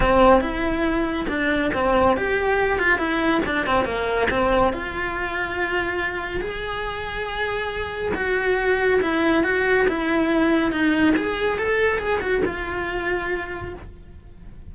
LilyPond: \new Staff \with { instrumentName = "cello" } { \time 4/4 \tempo 4 = 140 c'4 e'2 d'4 | c'4 g'4. f'8 e'4 | d'8 c'8 ais4 c'4 f'4~ | f'2. gis'4~ |
gis'2. fis'4~ | fis'4 e'4 fis'4 e'4~ | e'4 dis'4 gis'4 a'4 | gis'8 fis'8 f'2. | }